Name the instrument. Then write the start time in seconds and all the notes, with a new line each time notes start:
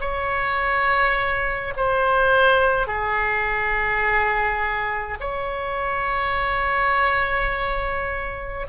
oboe
0.00 C#5
1.76 C5
2.86 G#4
5.20 C#5